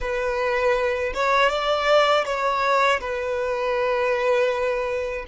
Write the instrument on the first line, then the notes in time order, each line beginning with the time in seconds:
violin
0.00 B4
1.14 C#5
1.49 D5
2.25 C#5
3.00 B4